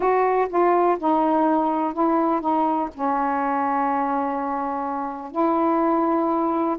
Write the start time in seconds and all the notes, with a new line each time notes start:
0.00 F#4
0.49 F4
0.99 D#4
1.93 E4
2.40 D#4
2.94 C#4
5.31 E4